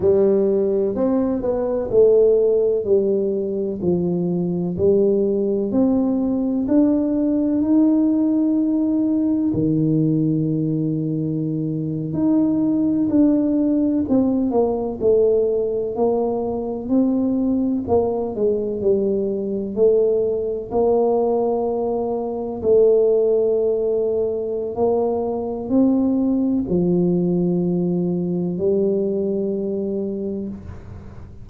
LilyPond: \new Staff \with { instrumentName = "tuba" } { \time 4/4 \tempo 4 = 63 g4 c'8 b8 a4 g4 | f4 g4 c'4 d'4 | dis'2 dis2~ | dis8. dis'4 d'4 c'8 ais8 a16~ |
a8. ais4 c'4 ais8 gis8 g16~ | g8. a4 ais2 a16~ | a2 ais4 c'4 | f2 g2 | }